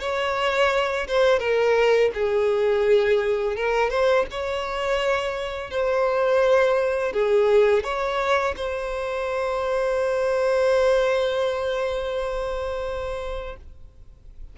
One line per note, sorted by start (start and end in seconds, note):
0.00 1.07 C#5
1.07 1.39 C5
1.39 2.11 A#4
2.14 3.56 G#4
3.56 3.90 A#4
3.90 4.26 C5
4.31 5.70 C#5
5.70 7.13 C5
7.13 7.83 G#4
7.83 8.55 C#5
8.56 13.56 C5